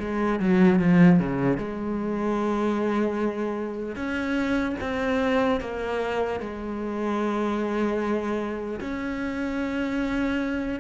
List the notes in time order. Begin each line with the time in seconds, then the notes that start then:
0.00 G#3
0.40 F#3
0.80 F3
1.20 C#3
1.58 G#3
3.96 C#4
4.81 C4
5.61 A#3
6.41 G#3
8.81 C#4